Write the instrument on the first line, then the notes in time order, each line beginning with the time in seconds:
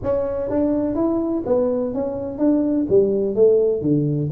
tuba
0.02 C#4
0.50 D4
0.95 E4
1.46 B3
1.94 C#4
2.38 D4
2.89 G3
3.35 A3
3.81 D3